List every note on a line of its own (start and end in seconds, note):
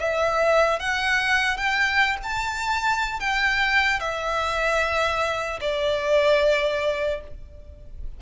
0.00 0.80 E5
0.80 1.57 F#5
1.57 2.17 G5
2.23 3.20 A5
3.20 4.00 G5
4.00 5.60 E5
5.61 7.21 D5